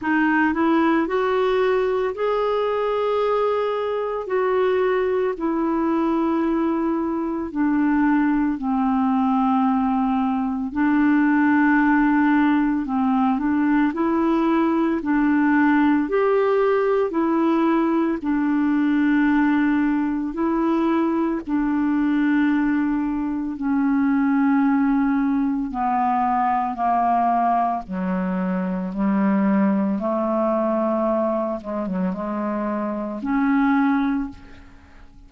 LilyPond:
\new Staff \with { instrumentName = "clarinet" } { \time 4/4 \tempo 4 = 56 dis'8 e'8 fis'4 gis'2 | fis'4 e'2 d'4 | c'2 d'2 | c'8 d'8 e'4 d'4 g'4 |
e'4 d'2 e'4 | d'2 cis'2 | b4 ais4 fis4 g4 | a4. gis16 fis16 gis4 cis'4 | }